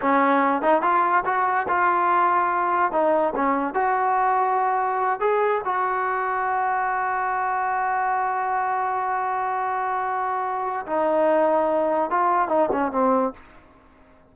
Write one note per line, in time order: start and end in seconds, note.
0.01 0.62 C#4
0.62 0.82 D#4
0.82 1.23 F4
1.25 1.66 F#4
1.68 2.91 F4
2.91 3.33 D#4
3.35 3.74 C#4
3.74 5.20 F#4
5.20 5.61 G#4
5.65 10.85 F#4
10.86 12.10 D#4
12.10 12.48 F4
12.48 12.69 D#4
12.72 12.91 C#4
12.91 13.33 C4